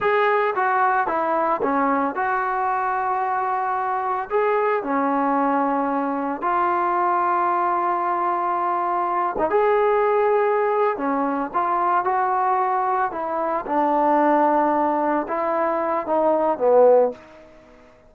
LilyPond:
\new Staff \with { instrumentName = "trombone" } { \time 4/4 \tempo 4 = 112 gis'4 fis'4 e'4 cis'4 | fis'1 | gis'4 cis'2. | f'1~ |
f'4. dis'16 gis'2~ gis'16~ | gis'8 cis'4 f'4 fis'4.~ | fis'8 e'4 d'2~ d'8~ | d'8 e'4. dis'4 b4 | }